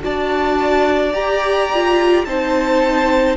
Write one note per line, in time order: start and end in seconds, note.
0.00 1.13 D4
0.00 1.11 F#4
0.00 2.26 D5
0.00 1.13 A5
1.13 2.24 G4
1.13 1.69 G4
1.13 2.25 A#5
1.74 2.26 F4
2.25 3.36 C4
2.25 3.36 D#4
2.25 3.36 C5
2.25 3.36 A5